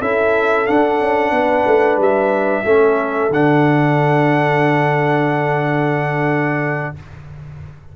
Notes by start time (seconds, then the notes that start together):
0.00 C#4 E4 A4 E5
0.66 D4 F#5
1.00 C#4
1.31 B3 B4
1.66 A3
1.96 G3 E5
2.64 A3 C#4 A4
3.29 D3 D4 F#5